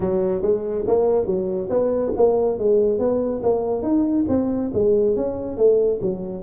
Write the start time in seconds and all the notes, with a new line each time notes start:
0.00 F#3
0.41 G#3
0.87 A#3
1.25 F#3
1.69 B3
2.16 A#3
2.58 G#3
2.98 B3
3.42 A#3
3.82 D#4
4.28 C4
4.73 G#3
5.16 C#4
5.57 A3
6.01 F#3